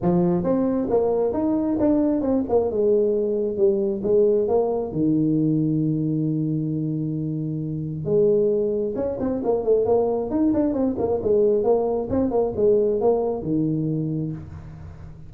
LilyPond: \new Staff \with { instrumentName = "tuba" } { \time 4/4 \tempo 4 = 134 f4 c'4 ais4 dis'4 | d'4 c'8 ais8 gis2 | g4 gis4 ais4 dis4~ | dis1~ |
dis2 gis2 | cis'8 c'8 ais8 a8 ais4 dis'8 d'8 | c'8 ais8 gis4 ais4 c'8 ais8 | gis4 ais4 dis2 | }